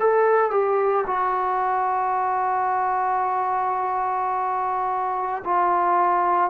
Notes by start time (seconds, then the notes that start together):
0.00 A4
0.51 G4
1.07 F#4
5.44 F4